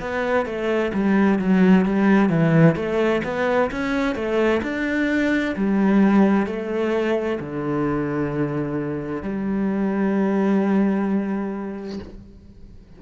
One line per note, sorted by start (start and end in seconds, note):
0.00 0.46 B3
0.46 0.92 A3
0.94 1.39 G3
1.39 1.85 F#3
1.85 2.30 G3
2.30 2.76 E3
2.76 3.22 A3
3.24 3.70 B3
3.71 4.15 C#4
4.15 4.62 A3
4.63 5.55 D4
5.56 6.47 G3
6.47 7.39 A3
7.40 9.23 D3
9.23 12.00 G3